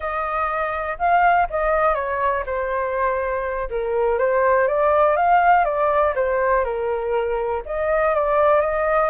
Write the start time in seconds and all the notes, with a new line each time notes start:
0.00 D#5
0.98 F5
1.50 D#5
1.94 C#5
2.46 C5
3.70 A#4
4.18 C5
4.67 D5
5.16 F5
5.64 D5
6.15 C5
6.64 A#4
7.65 D#5
8.14 D5
8.60 D#5